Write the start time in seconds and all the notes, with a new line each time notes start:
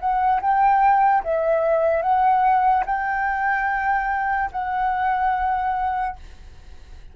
0.00 F#5
0.42 G5
1.24 E5
2.03 F#5
2.87 G5
4.52 F#5